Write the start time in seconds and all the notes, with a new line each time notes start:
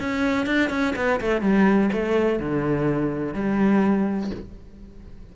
0.00 C#4
0.47 D4
0.70 C#4
0.96 B3
1.21 A3
1.42 G3
1.93 A3
2.40 D3
3.34 G3